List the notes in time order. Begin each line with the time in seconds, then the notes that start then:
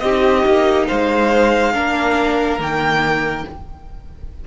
0.00 C4 D#4 G4 D#5
0.46 A#3
0.88 G#3 C5 F5
1.74 A#3 D4 A#4
2.59 D#3 A#3 G5